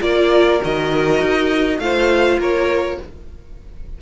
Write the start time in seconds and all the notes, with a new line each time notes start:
0.00 A#3 F4 A#4 D5
0.61 D#3 F#4 D#5
1.21 D#4
1.78 A3 F4 C5 F5
2.38 A#3 A#4 C#5